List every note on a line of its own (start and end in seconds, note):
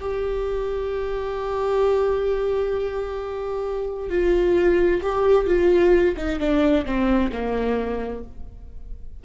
0.00 4.10 G4
4.10 5.01 F4
5.02 5.47 G4
5.47 6.16 F4
6.17 6.40 D#4
6.40 6.85 D4
6.86 7.31 C4
7.32 8.24 A#3